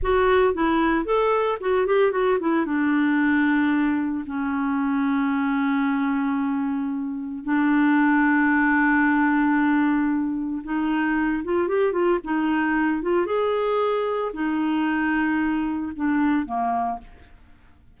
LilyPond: \new Staff \with { instrumentName = "clarinet" } { \time 4/4 \tempo 4 = 113 fis'4 e'4 a'4 fis'8 g'8 | fis'8 e'8 d'2. | cis'1~ | cis'2 d'2~ |
d'1 | dis'4. f'8 g'8 f'8 dis'4~ | dis'8 f'8 gis'2 dis'4~ | dis'2 d'4 ais4 | }